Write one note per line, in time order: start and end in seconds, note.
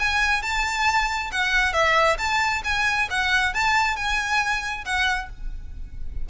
0.00 0.43 G#5
0.43 1.31 A5
1.32 1.73 F#5
1.73 2.17 E5
2.19 2.63 A5
2.65 3.09 G#5
3.11 3.54 F#5
3.54 3.97 A5
3.97 4.85 G#5
4.85 5.30 F#5